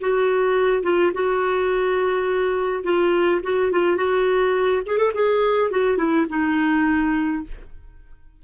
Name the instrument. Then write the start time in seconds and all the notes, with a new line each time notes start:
clarinet
0.00 F#4
0.83 F4
1.14 F#4
2.84 F4
3.43 F#4
3.71 F4
3.97 F#4
4.86 G#4
4.97 A4
5.14 G#4
5.71 F#4
5.97 E4
6.29 D#4